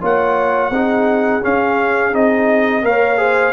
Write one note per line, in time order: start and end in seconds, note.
0.00 0.70 A#3
0.00 0.72 F4
0.00 0.71 C#5
0.00 1.44 F#5
0.70 1.41 C4
0.70 1.41 D#4
0.70 2.86 G#4
1.41 2.12 C#4
1.41 2.13 C#4
1.41 2.15 F5
2.12 2.83 C4
2.12 2.83 D#4
2.12 2.85 D#5
2.83 3.53 A#3
2.83 3.17 A#4
2.83 3.19 C#5
2.83 3.53 F5
3.17 3.53 G#4
3.17 3.53 C5